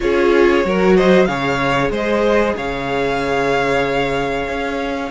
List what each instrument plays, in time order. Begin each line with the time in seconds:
0.00 cello C#4, viola F4, violin G#4 C#5
0.64 cello F#3, viola F#4, violin A#4
0.96 violin C5 D#5
1.25 cello C#3, viola G#4, violin C#5 F5
1.90 cello G#3, violin C5 D#5
2.55 cello C#3, violin C#5 F5
4.48 cello C#4